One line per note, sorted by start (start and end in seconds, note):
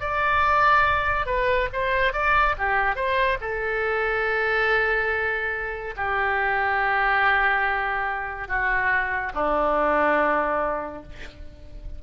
0.00 1.26 D5
1.26 1.69 B4
1.73 2.13 C5
2.13 2.55 D5
2.59 2.96 G4
2.96 3.38 C5
3.41 5.95 A4
5.97 8.48 G4
8.48 9.33 F#4
9.34 11.03 D4